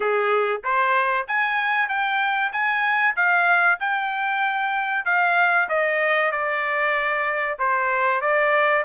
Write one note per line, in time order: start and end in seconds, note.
0.00 0.61 G#4
0.64 1.27 C5
1.27 1.88 G#5
1.88 2.51 G5
2.52 3.15 G#5
3.16 3.79 F5
3.80 5.05 G5
5.05 5.68 F5
5.68 6.31 D#5
6.31 7.58 D5
7.58 8.21 C5
8.21 8.84 D5